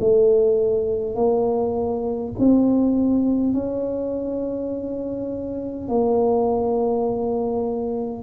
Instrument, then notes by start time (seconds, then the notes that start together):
tuba
0.00 A3
1.15 A#3
2.39 C4
3.53 C#4
5.88 A#3